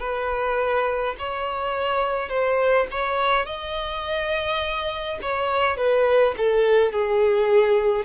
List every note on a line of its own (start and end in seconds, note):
0.00 1.15 B4
1.19 2.29 C#5
2.29 2.86 C5
2.91 3.46 C#5
3.46 5.19 D#5
5.22 5.77 C#5
5.77 6.35 B4
6.38 6.92 A4
6.92 8.05 G#4